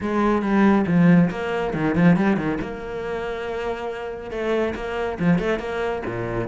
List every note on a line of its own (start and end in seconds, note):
0.01 0.42 G#3
0.42 0.85 G3
0.87 1.30 F3
1.30 1.73 A#3
1.73 1.95 D#3
1.95 2.16 F3
2.16 2.36 G3
2.36 2.58 D#3
2.61 4.30 A#3
4.30 4.73 A3
4.75 5.18 A#3
5.19 5.38 F3
5.38 5.59 A3
5.59 6.02 A#3
6.06 6.47 A#2